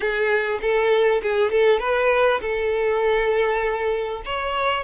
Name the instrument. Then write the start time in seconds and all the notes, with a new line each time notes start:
violin
0.00 G#4
0.61 A4
1.22 G#4
1.51 A4
1.79 B4
2.41 A4
4.25 C#5